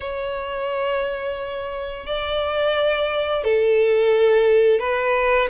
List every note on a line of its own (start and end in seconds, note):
0.00 2.06 C#5
2.06 3.44 D5
3.44 4.79 A4
4.79 5.48 B4